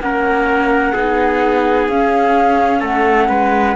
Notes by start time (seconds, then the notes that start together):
0.00 A#3 C#4 A#4 F#5
0.93 B3 D#4 G#4
1.88 C#4 F5
2.80 A3 A4 F#5
3.29 G#3 B4